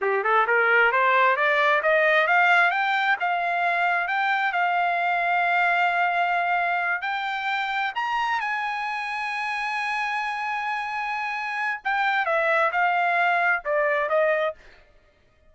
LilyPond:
\new Staff \with { instrumentName = "trumpet" } { \time 4/4 \tempo 4 = 132 g'8 a'8 ais'4 c''4 d''4 | dis''4 f''4 g''4 f''4~ | f''4 g''4 f''2~ | f''2.~ f''8 g''8~ |
g''4. ais''4 gis''4.~ | gis''1~ | gis''2 g''4 e''4 | f''2 d''4 dis''4 | }